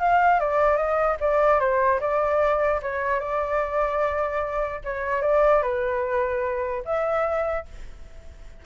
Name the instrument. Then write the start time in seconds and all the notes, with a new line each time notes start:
flute
0.00 F5
0.40 D5
0.77 D#5
1.20 D5
1.60 C5
2.00 D5
2.82 C#5
3.20 D5
4.84 C#5
5.22 D5
5.62 B4
6.85 E5